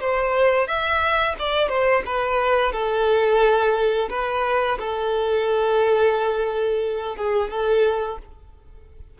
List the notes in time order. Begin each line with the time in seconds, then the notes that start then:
0.00 C5
0.67 E5
1.39 D5
1.68 C5
2.05 B4
2.71 A4
4.09 B4
4.79 A4
7.16 G#4
7.50 A4